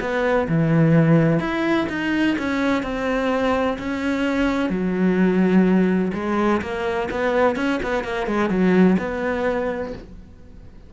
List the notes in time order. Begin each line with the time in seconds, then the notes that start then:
0.00 B3
0.48 E3
1.39 E4
1.89 D#4
2.38 C#4
2.83 C4
3.78 C#4
4.69 F#3
6.14 G#3
6.61 A#3
7.11 B3
7.56 C#4
7.83 B3
8.04 A#3
8.27 G#3
8.49 F#3
8.98 B3